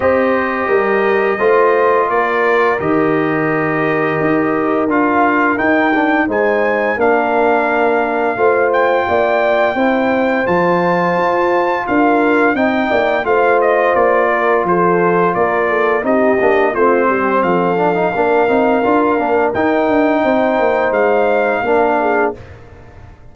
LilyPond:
<<
  \new Staff \with { instrumentName = "trumpet" } { \time 4/4 \tempo 4 = 86 dis''2. d''4 | dis''2. f''4 | g''4 gis''4 f''2~ | f''8 g''2~ g''8 a''4~ |
a''4 f''4 g''4 f''8 dis''8 | d''4 c''4 d''4 dis''4 | c''4 f''2. | g''2 f''2 | }
  \new Staff \with { instrumentName = "horn" } { \time 4/4 c''4 ais'4 c''4 ais'4~ | ais'1~ | ais'4 c''4 ais'2 | c''4 d''4 c''2~ |
c''4 ais'4 dis''8 d''8 c''4~ | c''8 ais'8 a'4 ais'8 a'8 g'4 | f'8 g'8 a'4 ais'2~ | ais'4 c''2 ais'8 gis'8 | }
  \new Staff \with { instrumentName = "trombone" } { \time 4/4 g'2 f'2 | g'2. f'4 | dis'8 d'8 dis'4 d'2 | f'2 e'4 f'4~ |
f'2 dis'4 f'4~ | f'2. dis'8 d'8 | c'4. d'16 dis'16 d'8 dis'8 f'8 d'8 | dis'2. d'4 | }
  \new Staff \with { instrumentName = "tuba" } { \time 4/4 c'4 g4 a4 ais4 | dis2 dis'4 d'4 | dis'4 gis4 ais2 | a4 ais4 c'4 f4 |
f'4 d'4 c'8 ais8 a4 | ais4 f4 ais4 c'8 ais8 | a8 g8 f4 ais8 c'8 d'8 ais8 | dis'8 d'8 c'8 ais8 gis4 ais4 | }
>>